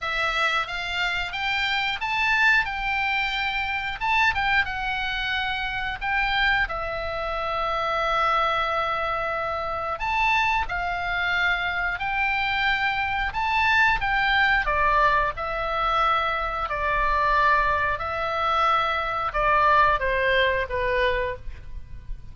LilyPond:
\new Staff \with { instrumentName = "oboe" } { \time 4/4 \tempo 4 = 90 e''4 f''4 g''4 a''4 | g''2 a''8 g''8 fis''4~ | fis''4 g''4 e''2~ | e''2. a''4 |
f''2 g''2 | a''4 g''4 d''4 e''4~ | e''4 d''2 e''4~ | e''4 d''4 c''4 b'4 | }